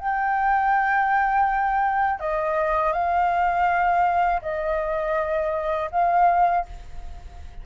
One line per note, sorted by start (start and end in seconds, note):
0.00 2.20 G5
2.20 2.93 D#5
2.93 4.41 F5
4.42 5.91 D#5
5.92 6.66 F5